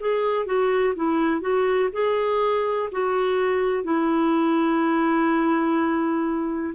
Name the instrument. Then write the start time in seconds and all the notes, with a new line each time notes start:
clarinet
0.00 G#4
0.46 F#4
0.95 E4
1.41 F#4
1.92 G#4
2.92 F#4
3.84 E4